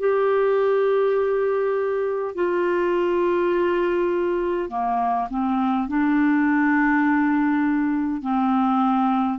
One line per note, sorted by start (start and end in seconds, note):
0.00 2.35 G4
2.35 4.70 F4
4.70 5.28 A#3
5.30 5.88 C4
5.88 8.22 D4
8.22 9.39 C4